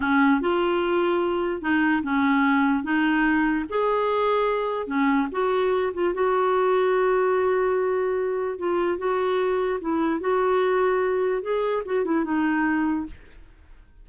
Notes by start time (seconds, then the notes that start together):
0.00 C#4
0.40 F4
1.61 D#4
2.02 C#4
2.83 D#4
3.69 G#4
4.87 C#4
5.31 F#4
5.93 F4
6.14 F#4
8.58 F4
8.98 F#4
9.80 E4
10.20 F#4
11.41 G#4
11.85 F#4
12.05 E4
12.24 D#4